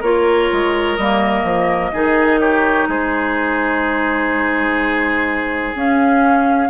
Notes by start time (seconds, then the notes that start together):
0.00 A#3 F4 A#4 C#5
0.52 G#3
0.96 G3 A#3 D#5
1.43 F3
1.92 D#3 D#4 G#4
2.39 G4 C#5
2.87 G#3 G#4 C5
5.75 C#4 F5